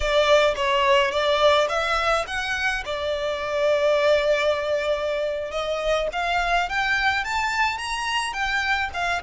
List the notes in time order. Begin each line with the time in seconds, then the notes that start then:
0.00 D5
0.56 C#5
1.11 D5
1.68 E5
2.27 F#5
2.85 D5
5.51 D#5
6.12 F5
6.69 G5
7.24 A5
7.78 A#5
8.33 G5
8.93 F5